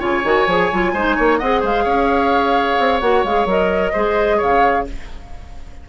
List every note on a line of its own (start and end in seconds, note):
0.00 0.24 C#3
0.00 0.23 F4
0.00 0.92 C#5
0.00 1.38 G#5
0.24 0.47 D#3
0.24 0.48 F#4
0.47 0.70 F3
0.47 0.73 G#4
0.73 0.94 F#3
0.73 0.96 F4
0.94 1.17 G#3
0.94 1.43 D#4
0.94 1.16 C5
1.16 1.41 A#3
1.16 1.39 C#5
1.38 1.64 C4
1.38 3.02 G#4
1.38 1.61 D#5
1.38 1.61 F#5
1.61 1.86 G#3
1.61 1.84 C5
1.61 3.01 F5
1.84 2.78 C#4
1.84 3.92 C#5
2.79 3.02 C4
3.01 3.24 A#3
3.01 3.25 F#4
3.01 3.24 F#5
3.24 3.46 G#3
3.24 3.48 G#4
3.24 3.47 F5
3.46 3.92 F#3
3.46 3.94 A#4
3.46 4.41 D#5
3.93 4.42 G#3
3.93 4.87 G#4
3.93 4.37 C5
4.37 4.89 C#3
4.37 4.84 C#5
4.37 4.88 F5